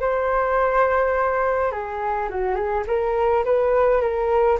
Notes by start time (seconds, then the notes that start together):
0.00 C5
1.71 G#4
2.29 F#4
2.55 G#4
2.87 A#4
3.44 B4
4.01 A#4